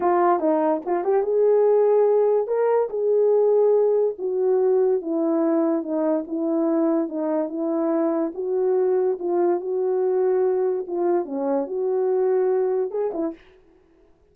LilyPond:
\new Staff \with { instrumentName = "horn" } { \time 4/4 \tempo 4 = 144 f'4 dis'4 f'8 g'8 gis'4~ | gis'2 ais'4 gis'4~ | gis'2 fis'2 | e'2 dis'4 e'4~ |
e'4 dis'4 e'2 | fis'2 f'4 fis'4~ | fis'2 f'4 cis'4 | fis'2. gis'8 e'8 | }